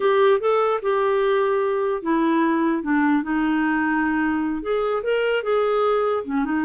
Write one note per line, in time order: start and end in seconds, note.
0.00 0.39 G4
0.40 0.80 A4
0.82 2.02 G4
2.02 2.82 E4
2.83 3.22 D4
3.22 4.62 D#4
4.62 5.02 G#4
5.03 5.43 A#4
5.43 6.23 G#4
6.24 6.44 C#4
6.44 6.64 D#4